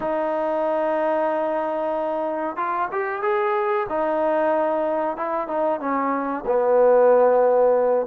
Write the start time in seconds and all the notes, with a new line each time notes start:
0.00 D#4
2.56 F4
2.91 G4
3.22 G#4
3.89 D#4
5.16 E4
5.47 D#4
5.79 C#4
6.46 B3